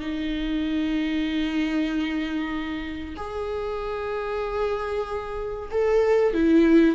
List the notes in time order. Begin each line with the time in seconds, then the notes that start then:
0.00 D#4
3.17 G#4
5.71 A4
6.34 E4